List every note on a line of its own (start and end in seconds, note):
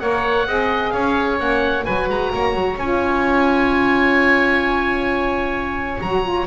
0.00 0.47 A#3
0.00 0.47 A#4
0.00 0.48 C#5
0.00 0.90 F#5
0.47 0.93 C4
0.47 1.38 G#4
0.47 0.94 D#5
0.90 1.40 C#4
0.90 1.86 C#5
0.90 1.36 F5
1.38 1.86 A#3
1.38 1.84 C#4
1.38 1.85 F#5
1.85 2.10 F#3
1.85 2.79 F#4
1.85 2.32 B4
1.85 2.08 G#5
2.10 2.33 G#3
2.10 2.79 A#5
2.34 2.55 A#3
2.34 6.47 C#5
2.55 2.77 F#3
2.77 6.00 C#4
2.77 6.02 F4
2.77 6.02 G#5
6.02 6.47 F#3
6.02 6.23 F#4
6.02 6.47 A#5
6.23 6.46 F4